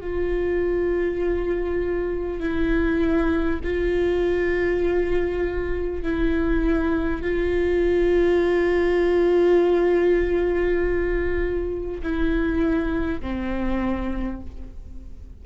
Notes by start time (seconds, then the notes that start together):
0.00 F4
2.39 E4
3.63 F4
6.03 E4
7.21 F4
12.03 E4
13.21 C4